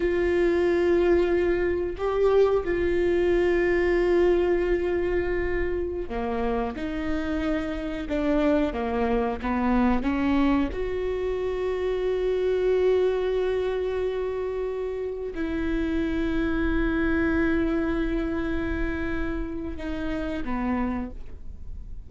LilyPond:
\new Staff \with { instrumentName = "viola" } { \time 4/4 \tempo 4 = 91 f'2. g'4 | f'1~ | f'4~ f'16 ais4 dis'4.~ dis'16~ | dis'16 d'4 ais4 b4 cis'8.~ |
cis'16 fis'2.~ fis'8.~ | fis'2.~ fis'16 e'8.~ | e'1~ | e'2 dis'4 b4 | }